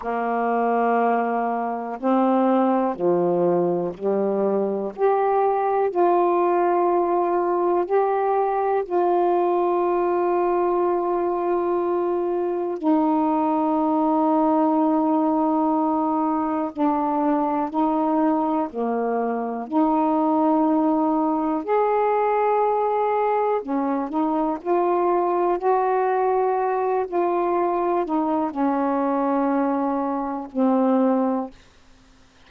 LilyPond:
\new Staff \with { instrumentName = "saxophone" } { \time 4/4 \tempo 4 = 61 ais2 c'4 f4 | g4 g'4 f'2 | g'4 f'2.~ | f'4 dis'2.~ |
dis'4 d'4 dis'4 ais4 | dis'2 gis'2 | cis'8 dis'8 f'4 fis'4. f'8~ | f'8 dis'8 cis'2 c'4 | }